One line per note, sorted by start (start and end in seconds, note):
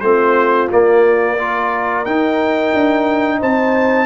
0.00 0.69 A3
0.00 0.70 C4
0.00 1.38 F4
0.00 0.67 C5
0.70 1.38 A#3
0.70 2.05 A#3
0.70 2.05 D5
1.38 2.05 F4
1.38 3.38 A#4
2.05 2.73 D#4
2.05 4.05 D#4
2.05 3.39 G5
2.74 3.41 D4
3.38 4.05 C4
3.38 4.05 C5
3.38 4.05 A5